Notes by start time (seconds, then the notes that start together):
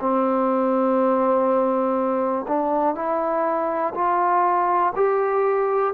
0.00 C4
2.48 D4
2.95 E4
3.95 F4
4.95 G4